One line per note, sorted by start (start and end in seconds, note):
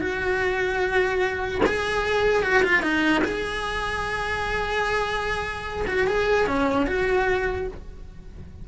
0.00 1.61 F#4
1.66 2.43 G#4
2.43 2.63 F#4
2.64 2.82 F4
2.82 3.23 D#4
3.24 5.86 G#4
5.87 6.07 F#4
6.07 6.47 G#4
6.47 6.87 C#4
6.87 7.67 F#4